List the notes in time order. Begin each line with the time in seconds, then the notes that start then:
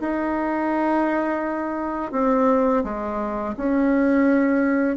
0.00 D#4
2.12 C4
2.83 G#3
3.57 C#4